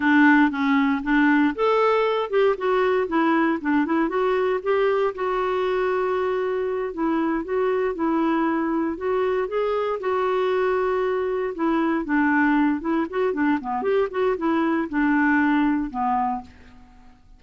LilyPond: \new Staff \with { instrumentName = "clarinet" } { \time 4/4 \tempo 4 = 117 d'4 cis'4 d'4 a'4~ | a'8 g'8 fis'4 e'4 d'8 e'8 | fis'4 g'4 fis'2~ | fis'4. e'4 fis'4 e'8~ |
e'4. fis'4 gis'4 fis'8~ | fis'2~ fis'8 e'4 d'8~ | d'4 e'8 fis'8 d'8 b8 g'8 fis'8 | e'4 d'2 b4 | }